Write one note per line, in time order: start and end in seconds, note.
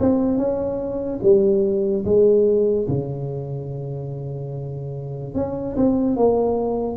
0.00 0.37 C4
0.37 1.20 C#4
1.22 2.04 G3
2.05 2.87 G#3
2.88 5.35 C#3
5.35 5.76 C#4
5.76 6.16 C4
6.16 6.97 A#3